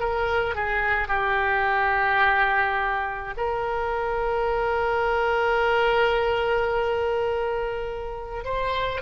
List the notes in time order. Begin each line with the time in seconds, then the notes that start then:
0.00 A#4
0.55 G#4
1.08 G4
3.38 A#4
8.45 C5